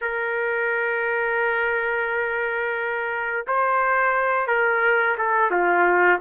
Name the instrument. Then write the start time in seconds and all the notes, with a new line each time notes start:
trumpet
0.01 A#4
3.47 C5
4.47 A#4
5.18 A4
5.50 F4